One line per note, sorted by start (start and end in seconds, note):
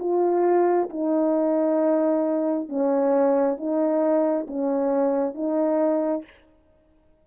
0.00 0.90 F4
0.90 2.69 D#4
2.69 3.57 C#4
3.57 4.47 D#4
4.47 5.34 C#4
5.34 6.24 D#4